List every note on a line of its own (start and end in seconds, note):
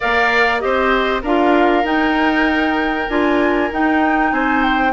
0.00 0.63 A#3
0.00 0.59 A#4
0.00 0.61 D5
0.00 0.59 F5
0.59 1.23 C4
0.59 1.21 G4
0.59 1.22 C5
0.59 1.21 D#5
1.22 1.84 D4
1.22 1.84 F4
1.22 4.31 A#4
1.22 1.86 F5
1.84 3.07 D#4
1.84 3.09 G5
3.08 3.70 D4
3.08 3.71 F4
3.08 3.71 G#5
3.71 4.31 D#4
3.71 4.92 D#4
3.71 4.32 G5
4.31 4.92 C4
4.31 4.92 C5
4.31 4.63 G#5
4.63 4.92 G5